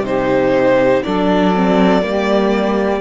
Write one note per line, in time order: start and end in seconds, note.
0.00 1.00 C3
0.00 1.04 D#4
0.00 1.03 G4
0.00 1.03 C5
1.03 2.03 F#3
1.03 1.55 D4
1.03 2.03 A4
1.03 3.01 D5
1.55 2.01 C4
2.01 3.01 G3
2.01 3.01 A#3
2.01 3.01 G4